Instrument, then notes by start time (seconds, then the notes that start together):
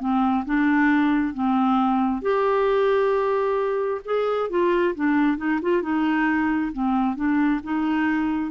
clarinet
0.00 C4
0.46 D4
1.34 C4
2.22 G4
4.05 G#4
4.50 F4
4.95 D4
5.38 D#4
5.62 F4
5.82 D#4
6.73 C4
7.16 D4
7.64 D#4